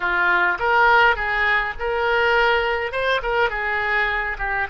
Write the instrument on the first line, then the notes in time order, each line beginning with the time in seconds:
oboe
0.00 F4
0.59 A#4
1.15 G#4
1.79 A#4
2.92 C5
3.22 A#4
3.50 G#4
4.38 G4